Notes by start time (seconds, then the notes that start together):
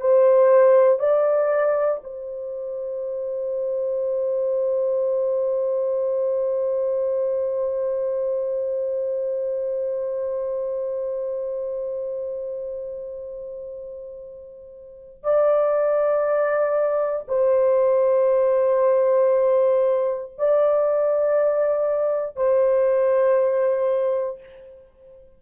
0.00 C5
0.99 D5
2.03 C5
15.23 D5
17.28 C5
20.38 D5
22.36 C5